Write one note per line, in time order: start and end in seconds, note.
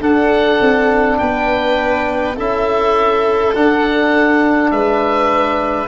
0.00 2.35 D4
0.00 0.60 D4
0.00 1.18 A4
0.00 1.18 F#5
0.61 1.20 C4
1.18 2.38 B3
1.18 2.36 B4
1.18 2.36 G5
2.36 3.55 C#4
2.36 3.54 E4
2.36 4.71 A4
2.36 3.55 E5
3.55 4.71 D4
3.55 5.87 D4
3.55 4.71 F#5
4.71 5.87 G#3
4.71 5.87 B4
4.71 5.87 E5